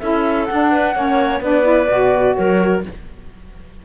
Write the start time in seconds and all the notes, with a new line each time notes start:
0.00 C#4 E4 A4 E5
0.46 D4 F#5
0.72 B4
0.95 A#3 C#4 C#5
1.41 B3 D4 B4 D5
1.64 E4
1.89 B2 F#4
2.35 F#3 A#4 C#5